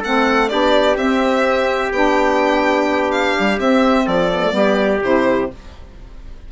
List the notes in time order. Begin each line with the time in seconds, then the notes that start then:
0.00 A3 C4 A4 F#5
0.49 B3 D4 G4 D5
0.97 C4 E5
1.92 B3 D4 G5
3.12 F5
3.40 G3
3.59 C4 E5
4.06 F3 A4 D5
4.33 B3
4.44 A3
4.52 G3 B3 G4
5.03 C3 E4 C5